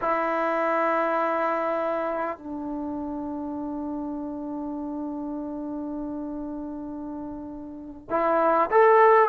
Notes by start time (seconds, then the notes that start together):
0.01 E4
2.38 D4
8.09 E4
8.70 A4